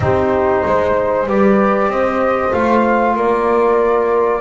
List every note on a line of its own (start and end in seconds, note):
0.00 0.62 C4
0.00 1.27 D#4
0.00 0.65 G4
0.00 1.29 C5
0.65 1.26 G#3
0.65 1.27 C5
1.26 1.88 G3
1.26 2.51 G4
1.26 1.90 B4
1.26 1.91 D5
1.88 2.51 C4
1.88 3.16 C5
1.88 2.53 D#5
2.51 3.16 A3
2.51 4.40 F4
2.51 3.16 F5
3.16 4.40 A#3
3.16 4.40 A#4
3.16 4.40 D5